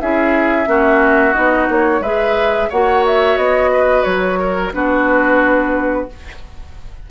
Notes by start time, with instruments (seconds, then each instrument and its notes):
0.00 bassoon C#4, clarinet E4, oboe G#4, flute E5
0.66 bassoon A#3, clarinet C#4, oboe F#4
1.33 bassoon B3, clarinet D#4, flute D#5
1.68 bassoon A#3, flute C#5
2.00 bassoon G#3, clarinet G#4, oboe B4, flute E5
2.69 bassoon A#3, clarinet F#4, oboe C#5, flute F#5
3.06 flute E5
3.36 bassoon B3, flute D#5
3.72 oboe B4
4.03 bassoon F#3, flute C#5
4.39 oboe A#4
4.72 bassoon B3, clarinet D4, oboe F#4, flute B4